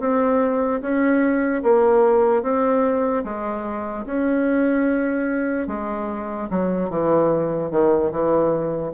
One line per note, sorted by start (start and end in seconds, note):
0.00 0.81 C4
0.81 1.63 C#4
1.63 2.43 A#3
2.43 3.24 C4
3.24 4.05 G#3
4.06 5.68 C#4
5.68 6.49 G#3
6.50 6.90 F#3
6.90 7.71 E3
7.71 8.12 D#3
8.12 8.93 E3